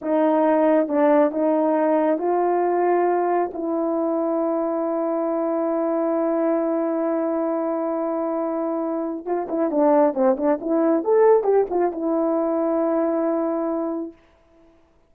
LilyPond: \new Staff \with { instrumentName = "horn" } { \time 4/4 \tempo 4 = 136 dis'2 d'4 dis'4~ | dis'4 f'2. | e'1~ | e'1~ |
e'1~ | e'4 f'8 e'8 d'4 c'8 d'8 | e'4 a'4 g'8 f'8 e'4~ | e'1 | }